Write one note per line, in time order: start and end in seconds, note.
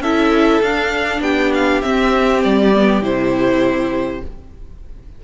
0.00 0.60 C#4
0.00 0.63 E4
0.00 1.21 A4
0.00 0.62 E5
0.62 1.21 D4
0.62 1.82 D4
0.62 1.22 F5
1.21 1.81 B3
1.21 4.21 G4
1.21 1.53 G5
1.54 1.82 F5
1.82 2.72 C4
1.82 2.44 C4
1.82 2.42 E5
2.44 3.01 G3
2.44 3.04 D5
2.75 3.03 B3
3.01 4.21 C3
3.01 4.23 E4
3.01 4.24 C5